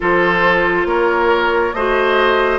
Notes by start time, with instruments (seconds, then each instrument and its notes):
0.00 bassoon F3, clarinet F4, oboe A4, flute C5
0.85 bassoon A#3, oboe A#4, flute C#5
1.73 bassoon A3, clarinet F#4, oboe C5, flute D#5